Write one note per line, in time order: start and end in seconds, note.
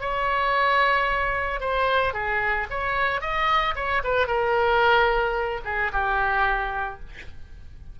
0.00 1.60 C#5
1.60 2.13 C5
2.13 2.67 G#4
2.70 3.21 C#5
3.21 3.75 D#5
3.75 4.02 C#5
4.04 4.27 B4
4.27 5.61 A#4
5.65 5.91 G#4
5.92 7.00 G4